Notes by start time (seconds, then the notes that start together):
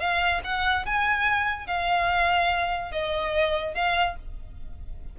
0.00 F5
0.44 F#5
0.86 G#5
1.67 F5
2.92 D#5
3.75 F5